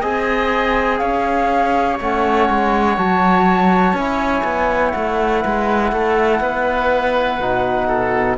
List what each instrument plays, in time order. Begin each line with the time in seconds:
0.00 cello C4, trombone G#4, oboe D#5, flute G#5
0.98 cello C#4, oboe C#5, flute F5
1.99 cello A3, trombone C#4, flute F#5
2.49 cello G#3
2.97 cello F#3, trombone F#4, flute A5
3.93 cello C#4, trombone E4, flute G#5
4.43 cello B3
4.90 cello A3, flute F#5
5.41 cello G#3, oboe B4
5.92 cello A3, oboe A4
6.40 cello B3, oboe B4
7.39 cello B2, trombone D#4
7.87 oboe A4